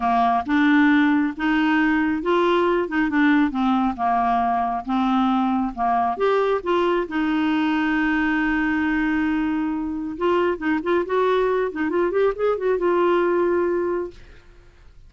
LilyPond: \new Staff \with { instrumentName = "clarinet" } { \time 4/4 \tempo 4 = 136 ais4 d'2 dis'4~ | dis'4 f'4. dis'8 d'4 | c'4 ais2 c'4~ | c'4 ais4 g'4 f'4 |
dis'1~ | dis'2. f'4 | dis'8 f'8 fis'4. dis'8 f'8 g'8 | gis'8 fis'8 f'2. | }